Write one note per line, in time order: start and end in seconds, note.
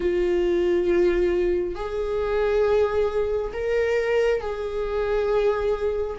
0.00 1.75 F4
1.75 3.51 G#4
3.53 4.40 A#4
4.40 6.17 G#4